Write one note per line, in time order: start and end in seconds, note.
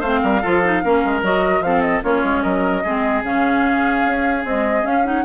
0.00 0.22 A3
0.00 0.43 C4
0.00 0.20 C5
0.00 1.22 F5
0.23 0.44 G3
0.23 0.42 A#4
0.42 0.84 F3
0.42 0.63 F4
0.42 0.82 A4
0.65 0.84 D#4
0.84 1.05 A#3
0.84 1.23 C#4
0.84 1.65 A#4
1.05 1.23 G#3
1.23 1.61 F#3
1.23 1.63 F#4
1.23 1.63 D#5
1.61 2.01 F3
1.61 2.03 C4
1.61 2.04 A4
1.61 1.82 F5
1.82 2.02 D#5
2.03 2.24 A#3
2.03 2.84 C#4
2.03 2.43 F4
2.03 2.43 C#5
2.24 2.44 G#3
2.43 2.85 F#3
2.43 2.84 A#4
2.43 3.23 D#5
2.84 3.23 G#3
2.84 3.25 C4
2.84 5.25 G#4
3.23 4.04 C#3
3.23 4.46 C#4
3.23 4.46 F5
4.06 4.45 C#4
4.45 4.84 G#3
4.45 4.85 C4
4.45 4.86 D#5
4.84 5.04 C#4
4.84 5.25 C#4
4.84 5.06 F5
5.05 5.25 D#4
5.05 5.25 F#5